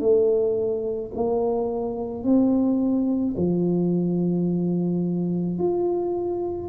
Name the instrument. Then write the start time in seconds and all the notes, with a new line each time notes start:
tuba
0.00 A3
1.15 A#3
2.24 C4
3.37 F3
5.59 F4